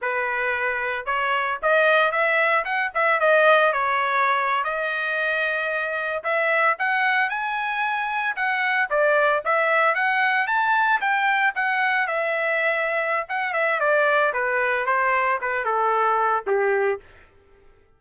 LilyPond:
\new Staff \with { instrumentName = "trumpet" } { \time 4/4 \tempo 4 = 113 b'2 cis''4 dis''4 | e''4 fis''8 e''8 dis''4 cis''4~ | cis''8. dis''2. e''16~ | e''8. fis''4 gis''2 fis''16~ |
fis''8. d''4 e''4 fis''4 a''16~ | a''8. g''4 fis''4 e''4~ e''16~ | e''4 fis''8 e''8 d''4 b'4 | c''4 b'8 a'4. g'4 | }